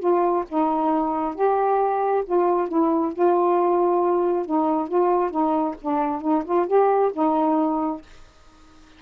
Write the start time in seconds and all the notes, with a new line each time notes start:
0.00 F4
0.49 D#4
1.35 G4
2.26 F4
2.69 E4
3.13 F4
4.46 D#4
4.89 F4
5.31 D#4
5.82 D4
6.22 D#4
6.45 F4
6.67 G4
7.14 D#4